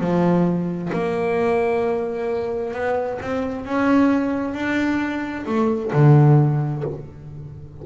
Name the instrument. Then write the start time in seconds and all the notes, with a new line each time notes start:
double bass
0.00 F3
0.93 A#3
2.74 B3
3.22 C4
3.65 C#4
4.54 D4
5.46 A3
5.93 D3